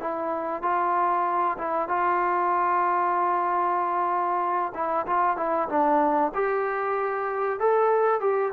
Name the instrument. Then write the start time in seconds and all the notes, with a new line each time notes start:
trombone
0.00 E4
0.62 F4
1.58 E4
1.88 F4
4.74 E4
5.06 F4
5.37 E4
5.69 D4
6.34 G4
7.60 A4
8.20 G4